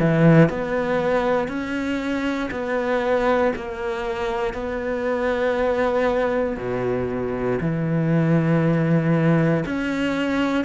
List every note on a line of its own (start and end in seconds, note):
0.00 0.49 E3
0.49 1.48 B3
1.48 2.50 C#4
2.51 3.53 B3
3.55 4.53 A#3
4.53 6.57 B3
6.57 7.59 B2
7.61 9.64 E3
9.66 10.65 C#4